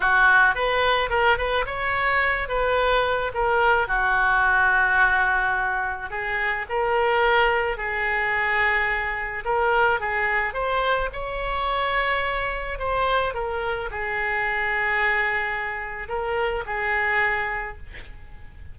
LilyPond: \new Staff \with { instrumentName = "oboe" } { \time 4/4 \tempo 4 = 108 fis'4 b'4 ais'8 b'8 cis''4~ | cis''8 b'4. ais'4 fis'4~ | fis'2. gis'4 | ais'2 gis'2~ |
gis'4 ais'4 gis'4 c''4 | cis''2. c''4 | ais'4 gis'2.~ | gis'4 ais'4 gis'2 | }